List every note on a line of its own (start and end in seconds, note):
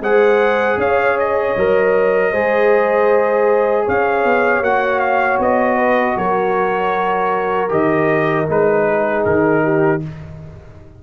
0.00 0.77 G#3
0.00 1.57 G#4
0.00 0.79 C5
0.00 0.80 F#5
0.77 1.54 C#4
0.77 2.32 C#5
0.77 1.19 F5
1.19 3.88 D#5
1.57 2.33 F#3
1.57 2.34 A#4
2.32 3.87 G#3
2.32 4.64 G#4
2.32 3.85 C5
3.85 4.25 C#4
3.85 5.76 C#5
3.85 4.64 F5
4.25 4.61 B3
4.61 5.38 A#3
4.61 7.69 F#4
4.61 5.00 F#5
5.00 5.38 F5
5.39 6.16 B3
5.39 6.18 D#5
5.76 6.15 B4
6.17 7.71 F#3
6.17 8.87 A#4
6.17 7.71 C#5
7.69 8.47 D#3
7.69 8.46 G4
7.69 8.49 D#5
8.46 9.26 G#3
8.46 10.00 D#4
8.46 9.25 B4
8.87 9.64 G#4
9.25 10.03 D#3
9.25 10.02 A#4
9.64 10.02 G4